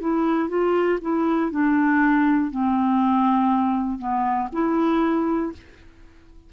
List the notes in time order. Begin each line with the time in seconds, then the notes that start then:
0.00 E4
0.48 F4
1.00 E4
1.50 D4
2.50 C4
3.98 B3
4.52 E4